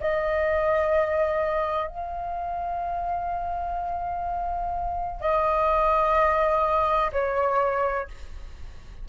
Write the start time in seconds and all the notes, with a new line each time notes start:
0.00 D#5
1.88 F5
5.20 D#5
7.12 C#5